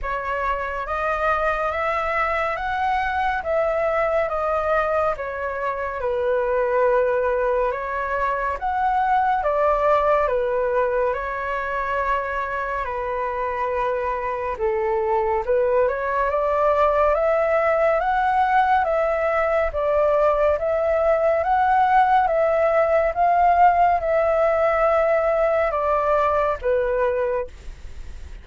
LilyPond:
\new Staff \with { instrumentName = "flute" } { \time 4/4 \tempo 4 = 70 cis''4 dis''4 e''4 fis''4 | e''4 dis''4 cis''4 b'4~ | b'4 cis''4 fis''4 d''4 | b'4 cis''2 b'4~ |
b'4 a'4 b'8 cis''8 d''4 | e''4 fis''4 e''4 d''4 | e''4 fis''4 e''4 f''4 | e''2 d''4 b'4 | }